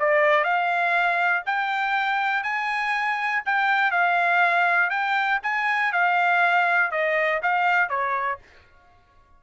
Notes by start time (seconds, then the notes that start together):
0.00 D5
0.44 F5
1.46 G5
2.44 G#5
3.46 G5
3.92 F5
4.90 G5
5.43 G#5
5.93 F5
6.92 D#5
7.43 F5
7.90 C#5